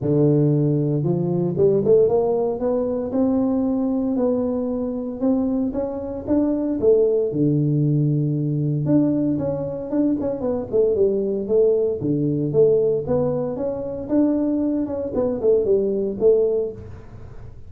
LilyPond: \new Staff \with { instrumentName = "tuba" } { \time 4/4 \tempo 4 = 115 d2 f4 g8 a8 | ais4 b4 c'2 | b2 c'4 cis'4 | d'4 a4 d2~ |
d4 d'4 cis'4 d'8 cis'8 | b8 a8 g4 a4 d4 | a4 b4 cis'4 d'4~ | d'8 cis'8 b8 a8 g4 a4 | }